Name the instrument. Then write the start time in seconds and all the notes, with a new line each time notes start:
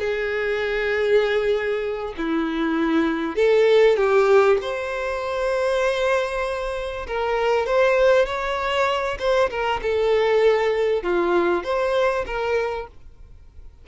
violin
0.00 G#4
2.18 E4
3.36 A4
3.97 G4
4.62 C5
7.07 A#4
7.67 C5
8.26 C#5
9.20 C5
9.51 A#4
9.83 A4
11.04 F4
11.64 C5
12.27 A#4